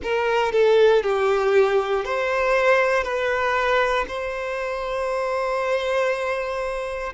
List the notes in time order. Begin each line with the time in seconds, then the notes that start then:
0.02 A#4
0.51 A4
1.03 G4
2.04 C5
3.03 B4
4.08 C5